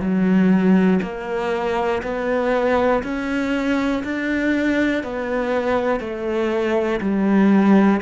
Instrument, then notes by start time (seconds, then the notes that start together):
cello
0.00 F#3
1.02 A#3
2.03 B3
3.03 C#4
4.03 D4
5.03 B3
6.00 A3
7.00 G3